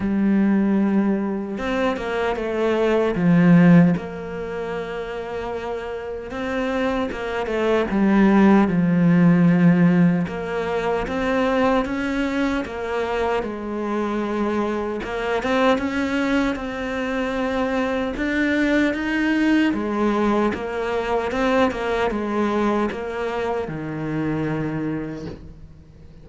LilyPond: \new Staff \with { instrumentName = "cello" } { \time 4/4 \tempo 4 = 76 g2 c'8 ais8 a4 | f4 ais2. | c'4 ais8 a8 g4 f4~ | f4 ais4 c'4 cis'4 |
ais4 gis2 ais8 c'8 | cis'4 c'2 d'4 | dis'4 gis4 ais4 c'8 ais8 | gis4 ais4 dis2 | }